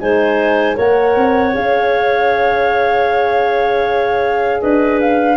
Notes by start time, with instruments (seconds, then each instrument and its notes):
0.00 tuba G#3, horn D#4, clarinet C5, flute G#5
0.75 tuba A#3, horn A#4, clarinet C#5, flute F#5
1.16 tuba C4
1.54 tuba C#4, horn G#4, flute F5
4.61 tuba D4, clarinet B4, flute D#5
5.00 flute F5